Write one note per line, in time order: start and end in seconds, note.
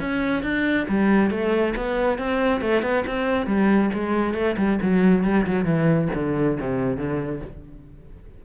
0.00 0.43 C#4
0.43 0.87 D4
0.89 1.30 G3
1.30 1.74 A3
1.76 2.18 B3
2.18 2.61 C4
2.61 2.83 A3
2.83 3.05 B3
3.06 3.47 C4
3.47 3.90 G3
3.94 4.34 G#3
4.34 4.56 A3
4.57 4.79 G3
4.82 5.24 F#3
5.24 5.46 G3
5.47 5.65 F#3
5.65 6.09 E3
6.15 6.58 D3
6.60 6.97 C3
6.97 7.41 D3